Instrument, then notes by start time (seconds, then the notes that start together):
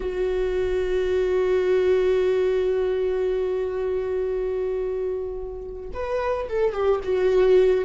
viola
0.00 F#4
5.93 B4
6.49 A4
6.73 G4
7.03 F#4